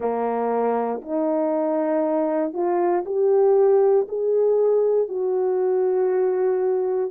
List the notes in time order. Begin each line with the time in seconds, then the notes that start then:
0.00 A#3
1.01 D#4
2.53 F4
3.05 G4
4.08 G#4
5.08 F#4